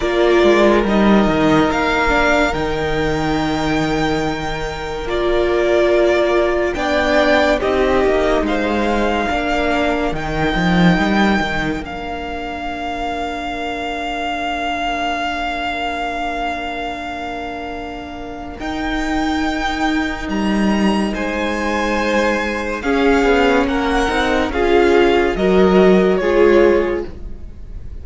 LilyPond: <<
  \new Staff \with { instrumentName = "violin" } { \time 4/4 \tempo 4 = 71 d''4 dis''4 f''4 g''4~ | g''2 d''2 | g''4 dis''4 f''2 | g''2 f''2~ |
f''1~ | f''2 g''2 | ais''4 gis''2 f''4 | fis''4 f''4 dis''4 cis''4 | }
  \new Staff \with { instrumentName = "violin" } { \time 4/4 ais'1~ | ais'1 | d''4 g'4 c''4 ais'4~ | ais'1~ |
ais'1~ | ais'1~ | ais'4 c''2 gis'4 | ais'4 gis'4 ais'4 gis'4 | }
  \new Staff \with { instrumentName = "viola" } { \time 4/4 f'4 dis'4. d'8 dis'4~ | dis'2 f'2 | d'4 dis'2 d'4 | dis'2 d'2~ |
d'1~ | d'2 dis'2~ | dis'2. cis'4~ | cis'8 dis'8 f'4 fis'4 f'4 | }
  \new Staff \with { instrumentName = "cello" } { \time 4/4 ais8 gis8 g8 dis8 ais4 dis4~ | dis2 ais2 | b4 c'8 ais8 gis4 ais4 | dis8 f8 g8 dis8 ais2~ |
ais1~ | ais2 dis'2 | g4 gis2 cis'8 b8 | ais8 c'8 cis'4 fis4 gis4 | }
>>